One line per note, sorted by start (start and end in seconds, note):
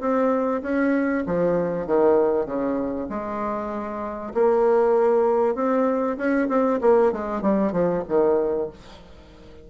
0.00 0.62 C4
0.62 1.24 C#4
1.26 1.87 F3
1.87 2.46 D#3
2.46 3.08 C#3
3.09 4.33 G#3
4.34 5.55 A#3
5.55 6.17 C4
6.17 6.48 C#4
6.49 6.80 C4
6.81 7.12 A#3
7.12 7.42 G#3
7.42 7.72 G3
7.72 8.03 F3
8.08 8.70 D#3